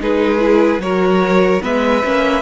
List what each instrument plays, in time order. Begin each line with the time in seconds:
0.00 cello G#3, viola D#4, violin G#4 B4
0.39 viola E4
0.78 cello F#3, viola F#4, violin A#4 C#5
1.61 cello G#3, viola B3, violin B4 E5
2.04 cello A#3, viola C#4